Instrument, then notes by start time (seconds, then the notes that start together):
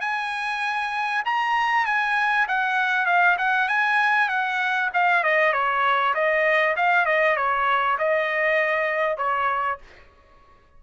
trumpet
0.00 G#5
1.25 A#5
1.85 G#5
2.48 F#5
3.06 F5
3.38 F#5
3.68 G#5
4.29 F#5
4.93 F5
5.23 D#5
5.52 C#5
6.14 D#5
6.76 F5
7.05 D#5
7.36 C#5
7.98 D#5
9.17 C#5